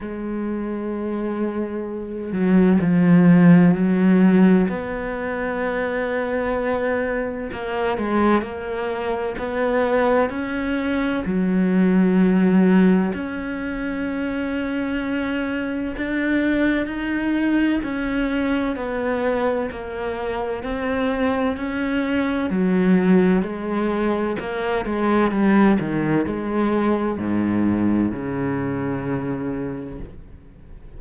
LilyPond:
\new Staff \with { instrumentName = "cello" } { \time 4/4 \tempo 4 = 64 gis2~ gis8 fis8 f4 | fis4 b2. | ais8 gis8 ais4 b4 cis'4 | fis2 cis'2~ |
cis'4 d'4 dis'4 cis'4 | b4 ais4 c'4 cis'4 | fis4 gis4 ais8 gis8 g8 dis8 | gis4 gis,4 cis2 | }